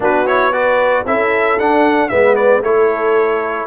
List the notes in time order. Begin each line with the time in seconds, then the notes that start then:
0.00 B3 D4 F#4 B4
0.26 E4 C#5
0.52 F#4 B4 D5
1.05 C#4 E4 A4 E5
1.58 D4 F#5
2.09 G#3 B3 B4 E5
2.35 D5
2.60 A3 E4 A4 C#5